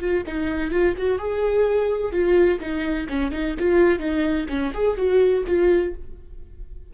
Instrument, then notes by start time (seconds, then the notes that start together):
viola
0.00 F4
0.26 D#4
0.71 F4
0.97 F#4
1.18 G#4
2.12 F4
2.59 D#4
3.09 C#4
3.31 D#4
3.59 F4
3.99 D#4
4.48 C#4
4.74 G#4
4.97 F#4
5.47 F4